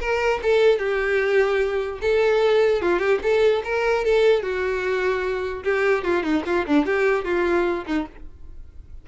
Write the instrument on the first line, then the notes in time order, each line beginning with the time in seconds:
violin
0.00 A#4
0.43 A4
0.79 G4
2.02 A4
2.82 F4
2.99 G4
3.23 A4
3.64 A#4
4.05 A4
4.43 F#4
5.64 G4
6.04 F4
6.23 D#4
6.46 F4
6.66 D4
6.86 G4
7.25 F4
7.86 D#4